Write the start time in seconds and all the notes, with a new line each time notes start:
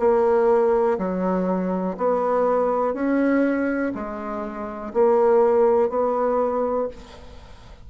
0.00 A#3
0.99 F#3
1.98 B3
2.94 C#4
3.95 G#3
4.94 A#3
5.90 B3